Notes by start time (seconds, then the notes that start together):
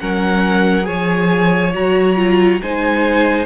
0.00 F#3 C#4 A#4 F#5
0.83 F3 G#4 C#5 G#5
1.74 F#3 F#4 A#5
2.16 F4
2.62 G#3 D#4 C5 G#5